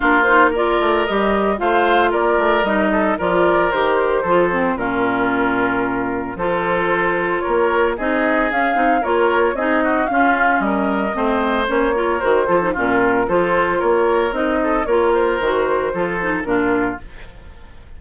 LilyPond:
<<
  \new Staff \with { instrumentName = "flute" } { \time 4/4 \tempo 4 = 113 ais'8 c''8 d''4 dis''4 f''4 | d''4 dis''4 d''4 c''4~ | c''4 ais'2. | c''2 cis''4 dis''4 |
f''4 cis''4 dis''4 f''4 | dis''2 cis''4 c''4 | ais'4 c''4 cis''4 dis''4 | cis''8 c''2~ c''8 ais'4 | }
  \new Staff \with { instrumentName = "oboe" } { \time 4/4 f'4 ais'2 c''4 | ais'4. a'8 ais'2 | a'4 f'2. | a'2 ais'4 gis'4~ |
gis'4 ais'4 gis'8 fis'8 f'4 | ais'4 c''4. ais'4 a'8 | f'4 a'4 ais'4. a'8 | ais'2 a'4 f'4 | }
  \new Staff \with { instrumentName = "clarinet" } { \time 4/4 d'8 dis'8 f'4 g'4 f'4~ | f'4 dis'4 f'4 g'4 | f'8 c'8 cis'2. | f'2. dis'4 |
cis'8 dis'8 f'4 dis'4 cis'4~ | cis'4 c'4 cis'8 f'8 fis'8 f'16 dis'16 | cis'4 f'2 dis'4 | f'4 fis'4 f'8 dis'8 d'4 | }
  \new Staff \with { instrumentName = "bassoon" } { \time 4/4 ais4. a8 g4 a4 | ais8 a8 g4 f4 dis4 | f4 ais,2. | f2 ais4 c'4 |
cis'8 c'8 ais4 c'4 cis'4 | g4 a4 ais4 dis8 f8 | ais,4 f4 ais4 c'4 | ais4 dis4 f4 ais,4 | }
>>